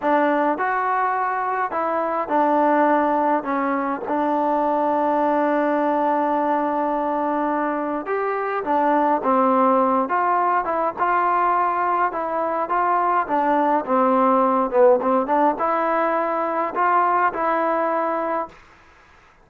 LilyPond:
\new Staff \with { instrumentName = "trombone" } { \time 4/4 \tempo 4 = 104 d'4 fis'2 e'4 | d'2 cis'4 d'4~ | d'1~ | d'2 g'4 d'4 |
c'4. f'4 e'8 f'4~ | f'4 e'4 f'4 d'4 | c'4. b8 c'8 d'8 e'4~ | e'4 f'4 e'2 | }